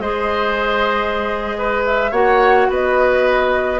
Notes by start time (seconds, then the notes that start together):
0.00 G#3 G#4 C5 D#5
1.58 B4
1.86 E5
2.11 A#3 F#4 C#5 F#5
2.69 B3 B4 D#5